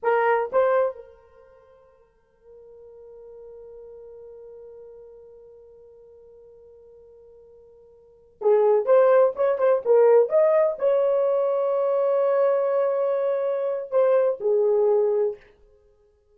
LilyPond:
\new Staff \with { instrumentName = "horn" } { \time 4/4 \tempo 4 = 125 ais'4 c''4 ais'2~ | ais'1~ | ais'1~ | ais'1~ |
ais'4. gis'4 c''4 cis''8 | c''8 ais'4 dis''4 cis''4.~ | cis''1~ | cis''4 c''4 gis'2 | }